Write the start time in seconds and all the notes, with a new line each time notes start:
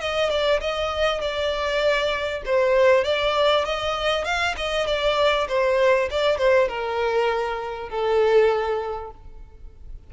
0.00 D#5
0.30 D5
0.60 D#5
1.21 D5
2.45 C5
3.04 D5
3.65 D#5
4.24 F5
4.57 D#5
4.86 D5
5.48 C5
6.10 D5
6.37 C5
6.68 A#4
7.89 A4